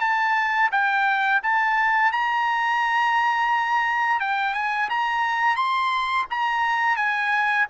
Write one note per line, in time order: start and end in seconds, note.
0.00 0.70 A5
0.71 1.41 G5
1.43 2.12 A5
2.12 4.20 A#5
4.20 4.54 G5
4.54 4.89 G#5
4.90 5.56 A#5
5.56 6.26 C6
6.30 6.96 A#5
6.96 7.66 G#5